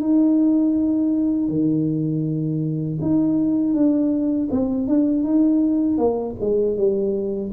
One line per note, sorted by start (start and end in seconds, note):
0.00 1.49 D#4
1.49 2.99 D#3
3.01 3.74 D#4
3.74 4.49 D4
4.51 4.88 C4
4.88 5.23 D4
5.23 5.98 D#4
5.98 6.35 A#3
6.40 6.77 G#3
6.77 7.52 G3